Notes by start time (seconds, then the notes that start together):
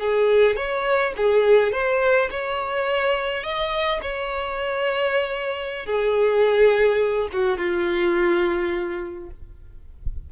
0.00 G#4
0.56 C#5
1.16 G#4
1.72 C5
2.31 C#5
3.43 D#5
4.02 C#5
5.86 G#4
7.32 F#4
7.58 F4